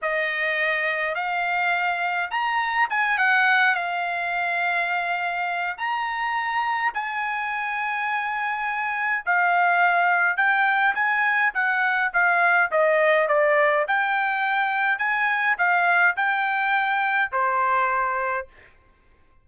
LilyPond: \new Staff \with { instrumentName = "trumpet" } { \time 4/4 \tempo 4 = 104 dis''2 f''2 | ais''4 gis''8 fis''4 f''4.~ | f''2 ais''2 | gis''1 |
f''2 g''4 gis''4 | fis''4 f''4 dis''4 d''4 | g''2 gis''4 f''4 | g''2 c''2 | }